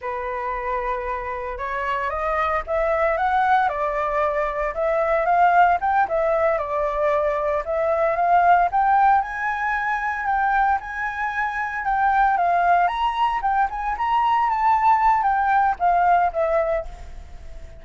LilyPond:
\new Staff \with { instrumentName = "flute" } { \time 4/4 \tempo 4 = 114 b'2. cis''4 | dis''4 e''4 fis''4 d''4~ | d''4 e''4 f''4 g''8 e''8~ | e''8 d''2 e''4 f''8~ |
f''8 g''4 gis''2 g''8~ | g''8 gis''2 g''4 f''8~ | f''8 ais''4 g''8 gis''8 ais''4 a''8~ | a''4 g''4 f''4 e''4 | }